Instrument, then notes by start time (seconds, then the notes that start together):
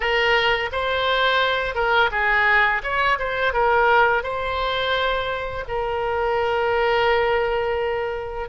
oboe
0.00 A#4
0.72 C5
1.75 A#4
2.11 G#4
2.83 C#5
3.18 C5
3.53 A#4
4.23 C5
5.68 A#4